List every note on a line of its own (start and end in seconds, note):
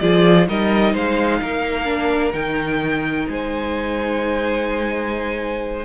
0.00 0.49 F3
0.00 0.48 F4
0.00 0.48 G#4
0.00 0.47 D5
0.48 0.94 G3
0.48 1.85 D#4
0.48 0.93 A#4
0.48 0.96 D#5
0.93 1.41 G#3
0.93 1.40 C5
0.93 2.33 F5
1.42 2.33 A#3
1.42 3.30 A#4
1.85 2.32 D4
2.33 3.27 D#3
2.33 5.85 D#4
2.33 3.27 G5
3.30 5.85 G#3
3.30 5.85 C5
3.30 5.85 G#5